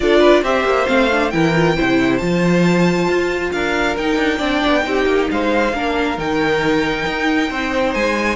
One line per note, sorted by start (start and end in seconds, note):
0.00 0.42 D4
0.00 0.44 F4
0.00 0.19 A4
0.00 0.43 D5
0.19 0.41 B4
0.42 0.64 C4
0.42 0.86 G4
0.42 1.32 C5
0.42 0.87 E5
0.64 0.86 A#3
0.86 1.33 A3
0.86 1.08 C4
0.86 1.30 F5
1.11 1.32 D4
1.30 1.77 E3
1.30 1.54 E4
1.30 1.76 A#4
1.30 2.17 G5
1.54 1.76 F4
1.76 2.20 C3
1.76 2.20 E4
1.76 3.52 C5
2.17 3.08 F3
2.17 3.97 F4
2.17 3.50 A5
3.08 3.52 F4
3.51 3.97 D4
3.51 4.37 A#4
3.51 3.96 F5
3.97 4.16 D#4
3.97 4.39 D#4
3.97 5.29 G5
4.16 4.38 D4
4.37 4.62 C4
4.37 4.81 D4
4.37 4.82 D5
4.66 4.86 B3
4.81 5.06 C4
4.81 5.70 D#4
4.81 5.31 G4
5.06 5.28 A#3
5.30 5.73 G#3
5.30 5.75 C5
5.30 6.19 F5
5.73 6.17 A#3
5.73 6.16 D4
5.73 7.49 A#4
6.16 7.05 D#3
6.16 8.36 D#4
6.16 7.93 G5
7.06 7.50 D#4
7.49 7.94 C4
7.49 8.36 C5
7.93 8.36 G#3
7.93 8.36 G#5